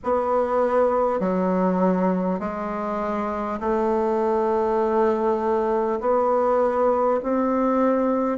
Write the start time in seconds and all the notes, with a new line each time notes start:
0.03 B3
1.20 F#3
2.39 G#3
3.59 A3
6.00 B3
7.22 C4